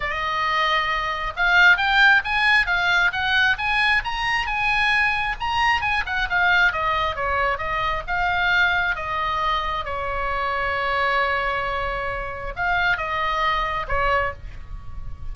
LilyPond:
\new Staff \with { instrumentName = "oboe" } { \time 4/4 \tempo 4 = 134 dis''2. f''4 | g''4 gis''4 f''4 fis''4 | gis''4 ais''4 gis''2 | ais''4 gis''8 fis''8 f''4 dis''4 |
cis''4 dis''4 f''2 | dis''2 cis''2~ | cis''1 | f''4 dis''2 cis''4 | }